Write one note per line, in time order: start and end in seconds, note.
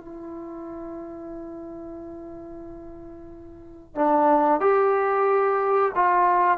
0.00 3.96 E4
3.96 4.61 D4
4.61 5.93 G4
5.96 6.58 F4